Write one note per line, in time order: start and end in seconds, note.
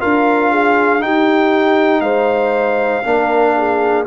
0.00 1.03 D4
0.00 1.00 F4
0.00 0.52 A#4
0.00 1.03 F5
0.52 1.03 G#4
1.00 3.03 D#4
1.00 2.01 D#4
1.00 2.02 G4
1.00 2.01 G5
2.01 3.02 G#3
2.01 3.04 C5
2.01 4.04 F5
3.04 4.07 A#3
3.04 4.06 D4
3.04 3.56 A#4
3.57 4.07 G#4